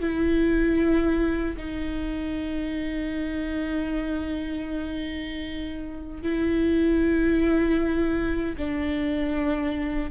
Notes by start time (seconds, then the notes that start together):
0.00 E4
1.57 D#4
6.22 E4
8.57 D4